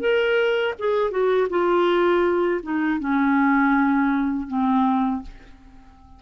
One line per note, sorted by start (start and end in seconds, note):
0.00 0.74 A#4
0.78 1.10 G#4
1.10 1.47 F#4
1.49 2.61 F4
2.63 2.99 D#4
2.99 4.47 C#4
4.47 5.22 C4